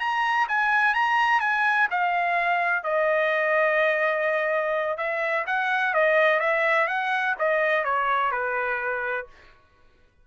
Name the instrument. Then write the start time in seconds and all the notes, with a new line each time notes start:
trumpet
0.00 A#5
0.48 G#5
0.94 A#5
1.40 G#5
1.91 F5
2.84 D#5
4.98 E5
5.47 F#5
5.94 D#5
6.40 E5
6.88 F#5
7.39 D#5
7.85 C#5
8.32 B4